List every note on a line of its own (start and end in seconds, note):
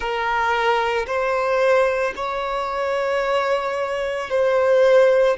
0.00 1.06 A#4
1.06 2.13 C5
2.15 4.30 C#5
4.30 5.37 C5